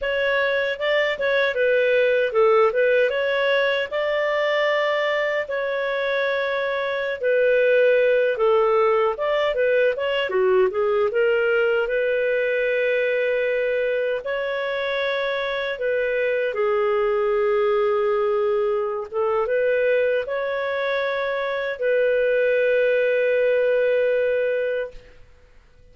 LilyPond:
\new Staff \with { instrumentName = "clarinet" } { \time 4/4 \tempo 4 = 77 cis''4 d''8 cis''8 b'4 a'8 b'8 | cis''4 d''2 cis''4~ | cis''4~ cis''16 b'4. a'4 d''16~ | d''16 b'8 cis''8 fis'8 gis'8 ais'4 b'8.~ |
b'2~ b'16 cis''4.~ cis''16~ | cis''16 b'4 gis'2~ gis'8.~ | gis'8 a'8 b'4 cis''2 | b'1 | }